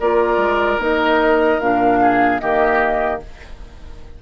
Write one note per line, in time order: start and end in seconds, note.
0.00 0.37 A#3
0.00 0.79 F4
0.00 2.00 A#4
0.00 0.80 D5
0.37 0.77 G#3
0.78 1.58 A#3
0.78 1.59 D#4
0.78 1.60 D#5
1.60 2.40 A#2
1.60 2.40 D4
1.60 2.40 F5
2.01 2.41 G#4
2.40 3.22 D#3
2.40 3.20 A#3
2.40 3.22 G4
2.40 3.20 D#5